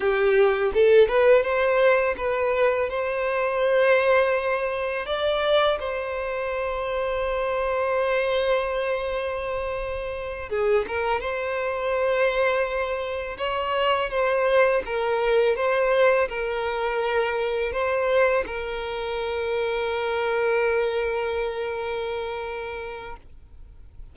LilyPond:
\new Staff \with { instrumentName = "violin" } { \time 4/4 \tempo 4 = 83 g'4 a'8 b'8 c''4 b'4 | c''2. d''4 | c''1~ | c''2~ c''8 gis'8 ais'8 c''8~ |
c''2~ c''8 cis''4 c''8~ | c''8 ais'4 c''4 ais'4.~ | ais'8 c''4 ais'2~ ais'8~ | ais'1 | }